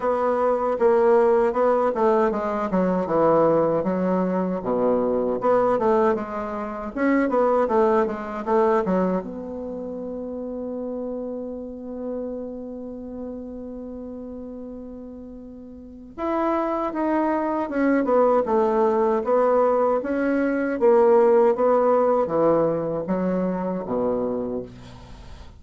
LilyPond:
\new Staff \with { instrumentName = "bassoon" } { \time 4/4 \tempo 4 = 78 b4 ais4 b8 a8 gis8 fis8 | e4 fis4 b,4 b8 a8 | gis4 cis'8 b8 a8 gis8 a8 fis8 | b1~ |
b1~ | b4 e'4 dis'4 cis'8 b8 | a4 b4 cis'4 ais4 | b4 e4 fis4 b,4 | }